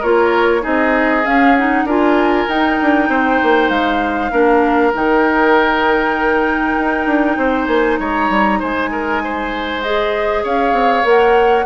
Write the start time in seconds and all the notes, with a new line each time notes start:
0.00 A#3 F4 A#4 C#5
0.61 C4 D#4 G#4 D#5
1.26 C#4 F5
1.56 D#4 F#5
1.84 D4 F4 A#4 G#5
2.49 D#4 G5
2.82 D4
3.09 C4 C5
3.43 A#3
3.70 G#3 F5
4.32 A#3 D4 A#4
4.94 D#3 D#4 G5
6.77 D#4
7.06 D4
7.38 C4 C5
7.67 A#3 G#5
8.00 G#3 C#5 A#5
8.30 G3
8.60 G#3 C5 G#5
8.92 A#4
9.24 C5
9.83 G#4 D#5
10.44 C#4 C#5 F5
10.73 C4
11.04 A#3 A#4 F#5